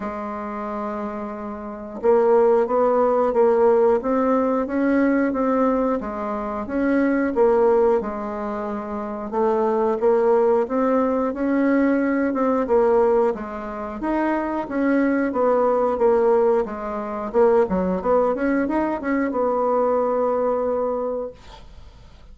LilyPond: \new Staff \with { instrumentName = "bassoon" } { \time 4/4 \tempo 4 = 90 gis2. ais4 | b4 ais4 c'4 cis'4 | c'4 gis4 cis'4 ais4 | gis2 a4 ais4 |
c'4 cis'4. c'8 ais4 | gis4 dis'4 cis'4 b4 | ais4 gis4 ais8 fis8 b8 cis'8 | dis'8 cis'8 b2. | }